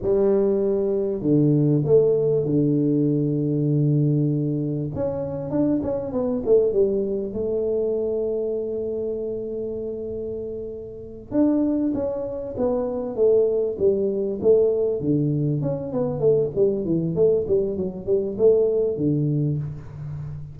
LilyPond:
\new Staff \with { instrumentName = "tuba" } { \time 4/4 \tempo 4 = 98 g2 d4 a4 | d1 | cis'4 d'8 cis'8 b8 a8 g4 | a1~ |
a2~ a8 d'4 cis'8~ | cis'8 b4 a4 g4 a8~ | a8 d4 cis'8 b8 a8 g8 e8 | a8 g8 fis8 g8 a4 d4 | }